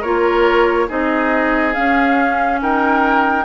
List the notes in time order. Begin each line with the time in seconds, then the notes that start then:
0.00 A#3 F4 A#4 C#5
0.88 C4 D#4 G#4 D#5
1.73 C#4 F5
2.61 D#4 A#4 G5